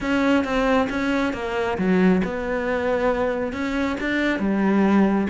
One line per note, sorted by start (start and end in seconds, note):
0.00 0.44 C#4
0.44 0.88 C4
0.89 1.33 C#4
1.33 1.77 A#3
1.78 2.22 F#3
2.24 3.52 B3
3.52 3.96 C#4
4.00 4.39 D4
4.39 5.27 G3